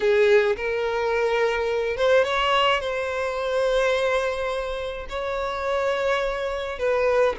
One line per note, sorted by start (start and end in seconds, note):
0.00 0.56 G#4
0.56 1.97 A#4
1.97 2.24 C5
2.24 2.80 C#5
2.80 5.06 C5
5.09 6.78 C#5
6.78 7.35 B4